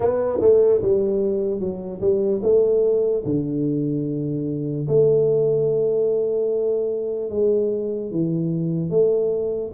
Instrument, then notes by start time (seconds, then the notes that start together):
tuba
0.00 B3
0.41 A3
0.81 G3
1.60 F#3
2.00 G3
2.43 A3
3.25 D3
4.88 A3
7.30 G#3
8.11 E3
8.90 A3